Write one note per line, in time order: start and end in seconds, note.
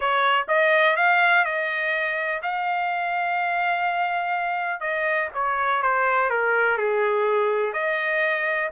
0.00 0.46 C#5
0.48 0.96 D#5
0.96 1.44 F5
1.44 2.41 D#5
2.42 4.80 F5
4.80 5.29 D#5
5.34 5.82 C#5
5.82 6.29 C5
6.29 6.77 A#4
6.77 7.73 G#4
7.73 8.70 D#5